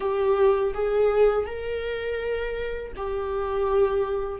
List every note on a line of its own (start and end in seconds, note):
0.00 0.73 G4
0.74 1.46 G#4
1.46 2.92 A#4
2.96 4.40 G4